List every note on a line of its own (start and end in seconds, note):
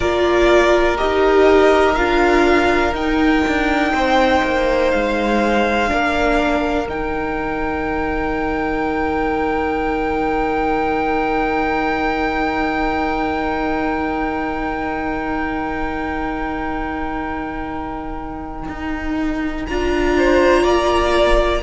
0.00 0.99 A#3
0.00 0.97 F4
0.00 3.92 A#4
0.00 0.97 D5
0.97 1.97 D#4
0.97 1.95 G4
0.97 1.95 D#5
1.95 2.92 D4
1.95 2.93 F4
1.95 2.93 F5
2.92 3.42 D#4
2.92 5.87 D#4
2.92 4.90 G5
3.47 3.92 D4
3.92 4.41 C4
3.92 5.90 C5
4.44 4.93 A#3
4.90 5.91 G#3
4.90 6.87 F5
5.87 6.86 A#3
5.87 6.86 D4
5.87 20.17 A#4
6.86 18.67 D#3
6.86 19.67 D#4
6.86 19.66 G5
18.68 19.66 D#4
19.66 20.64 D4
19.66 21.62 F4
19.66 21.62 A#5
20.17 20.63 C5
20.63 21.62 A#3
20.63 21.61 D5